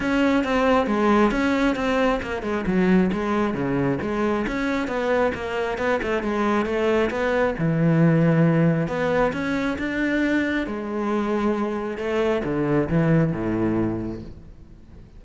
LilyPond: \new Staff \with { instrumentName = "cello" } { \time 4/4 \tempo 4 = 135 cis'4 c'4 gis4 cis'4 | c'4 ais8 gis8 fis4 gis4 | cis4 gis4 cis'4 b4 | ais4 b8 a8 gis4 a4 |
b4 e2. | b4 cis'4 d'2 | gis2. a4 | d4 e4 a,2 | }